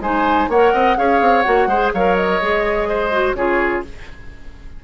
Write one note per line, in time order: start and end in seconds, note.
0.00 0.48 G#3
0.00 0.50 D#4
0.00 0.50 C5
0.00 0.50 G#5
0.49 0.73 A#3
0.49 0.98 A#4
0.49 0.74 C#5
0.49 0.98 F#5
0.74 0.98 C4
0.74 0.97 D#5
0.98 1.21 C#4
0.98 1.45 G#4
0.98 1.69 C#5
0.98 1.42 F5
1.21 1.45 C4
1.42 1.67 A#3
1.42 1.68 F#4
1.42 1.90 F#5
1.67 1.91 G#3
1.67 1.96 G#4
1.67 1.93 C5
1.94 2.42 F#3
1.94 2.42 A#4
1.94 2.89 C#5
1.94 2.16 F5
2.16 3.35 D#5
2.42 3.34 G#3
2.42 3.12 G#4
2.89 3.37 C5
3.12 3.36 F#4
3.34 3.82 C#3
3.34 3.85 F4
3.34 3.85 G#4
3.34 3.83 C#5